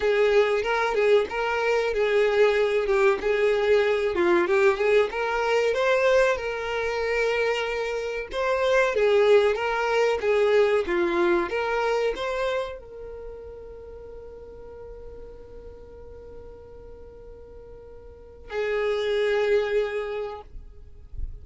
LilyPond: \new Staff \with { instrumentName = "violin" } { \time 4/4 \tempo 4 = 94 gis'4 ais'8 gis'8 ais'4 gis'4~ | gis'8 g'8 gis'4. f'8 g'8 gis'8 | ais'4 c''4 ais'2~ | ais'4 c''4 gis'4 ais'4 |
gis'4 f'4 ais'4 c''4 | ais'1~ | ais'1~ | ais'4 gis'2. | }